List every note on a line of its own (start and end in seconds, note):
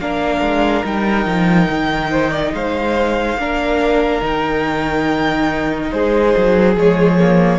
0.00 0.41 A#3
0.00 0.84 D4
0.00 2.10 A#4
0.00 0.85 F5
0.41 0.83 G#3
0.84 1.26 G3
0.84 3.38 D#4
0.84 2.54 G5
1.26 1.68 F3
1.69 2.53 D#3
2.10 2.31 C5
2.31 2.52 D5
2.53 3.36 G#3
2.53 3.39 C5
2.53 4.23 F5
3.36 4.21 A#3
3.36 4.21 D4
3.36 5.92 A#4
4.21 5.90 D#3
4.21 6.75 D#4
4.21 5.91 G5
5.91 6.35 G#3
5.91 7.59 G#4
5.91 6.75 C5
6.37 6.76 F#3
6.76 7.59 F3
6.76 7.18 G#3
6.76 7.59 C#5
7.18 7.59 A#3